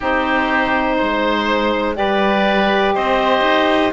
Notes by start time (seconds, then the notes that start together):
0.00 C4 D#4 G4 C5
0.96 G#3 C5
1.94 G3 G4 B4 D5
2.94 C4 C5 D#5
3.41 D#4